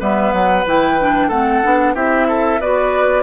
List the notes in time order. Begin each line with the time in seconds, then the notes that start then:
0.00 G3 B3 B4 E5
0.32 F#3 F#5
0.66 E3 E4 G5
0.99 D4
1.28 A3 C4 A4 F#5
1.64 B3 D4
1.95 C4 E4 G4 E5
2.28 A4
2.61 B3 F#4 B4 D5